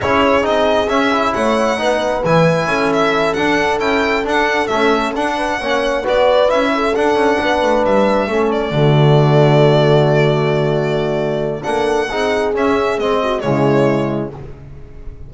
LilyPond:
<<
  \new Staff \with { instrumentName = "violin" } { \time 4/4 \tempo 4 = 134 cis''4 dis''4 e''4 fis''4~ | fis''4 gis''4. e''4 fis''8~ | fis''8 g''4 fis''4 e''4 fis''8~ | fis''4. d''4 e''4 fis''8~ |
fis''4. e''4. d''4~ | d''1~ | d''2 fis''2 | e''4 dis''4 cis''2 | }
  \new Staff \with { instrumentName = "horn" } { \time 4/4 gis'2. cis''4 | b'2 a'2~ | a'1 | b'8 cis''4 b'4. a'4~ |
a'8 b'2 a'4 fis'8~ | fis'1~ | fis'2 a'4 gis'4~ | gis'4. fis'8 e'2 | }
  \new Staff \with { instrumentName = "trombone" } { \time 4/4 e'4 dis'4 cis'8 e'4. | dis'4 e'2~ e'8 d'8~ | d'8 e'4 d'4 a4 d'8~ | d'8 cis'4 fis'4 e'4 d'8~ |
d'2~ d'8 cis'4 a8~ | a1~ | a2 d'4 dis'4 | cis'4 c'4 gis2 | }
  \new Staff \with { instrumentName = "double bass" } { \time 4/4 cis'4 c'4 cis'4 a4 | b4 e4 cis'4. d'8~ | d'8 cis'4 d'4 cis'4 d'8~ | d'8 ais4 b4 cis'4 d'8 |
cis'8 b8 a8 g4 a4 d8~ | d1~ | d2 ais4 c'4 | cis'4 gis4 cis2 | }
>>